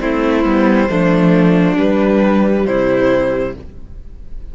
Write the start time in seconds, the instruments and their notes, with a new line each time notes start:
0.00 cello A3, viola C4, violin E4 C5
0.44 cello G3, viola B3
0.89 cello F3, viola A3, violin D4
1.78 viola G3, cello G3, violin B4
2.66 cello C3, violin E4 C5